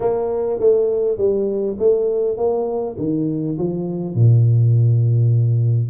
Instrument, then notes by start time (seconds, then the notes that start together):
tuba
0.00 A#3
0.59 A3
1.17 G3
1.78 A3
2.37 A#3
2.98 D#3
3.58 F3
4.14 A#2